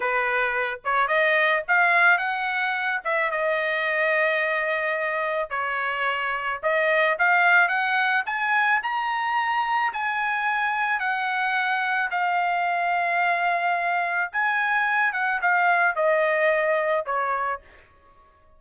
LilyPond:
\new Staff \with { instrumentName = "trumpet" } { \time 4/4 \tempo 4 = 109 b'4. cis''8 dis''4 f''4 | fis''4. e''8 dis''2~ | dis''2 cis''2 | dis''4 f''4 fis''4 gis''4 |
ais''2 gis''2 | fis''2 f''2~ | f''2 gis''4. fis''8 | f''4 dis''2 cis''4 | }